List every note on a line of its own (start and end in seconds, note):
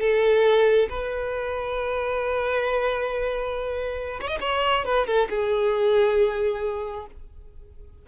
0.00 0.88 A4
0.89 4.20 B4
4.21 4.27 C#5
4.27 4.38 D#5
4.40 4.84 C#5
4.85 5.06 B4
5.06 5.28 A4
5.30 7.06 G#4